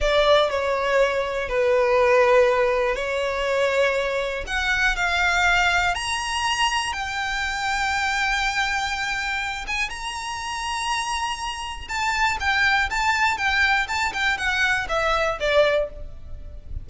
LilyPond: \new Staff \with { instrumentName = "violin" } { \time 4/4 \tempo 4 = 121 d''4 cis''2 b'4~ | b'2 cis''2~ | cis''4 fis''4 f''2 | ais''2 g''2~ |
g''2.~ g''8 gis''8 | ais''1 | a''4 g''4 a''4 g''4 | a''8 g''8 fis''4 e''4 d''4 | }